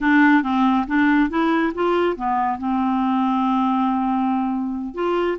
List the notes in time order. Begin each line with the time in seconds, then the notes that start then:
0.00 D4
0.43 C4
0.87 D4
1.29 E4
1.74 F4
2.16 B3
2.58 C4
4.94 F4